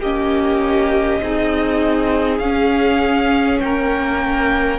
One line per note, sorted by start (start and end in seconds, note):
0.00 1.20 A#3
0.00 1.23 C#4
0.00 1.21 G4
0.00 2.39 D#5
1.21 2.40 C4
1.21 2.42 D#4
1.21 3.63 G#4
2.39 3.60 C#4
2.39 4.79 C#4
2.39 3.59 F5
3.60 4.79 A#3
3.60 4.79 A#4
3.60 4.79 G5